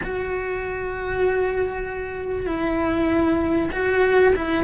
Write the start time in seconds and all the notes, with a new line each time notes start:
0.03 F#4
2.46 E4
3.72 F#4
4.35 E4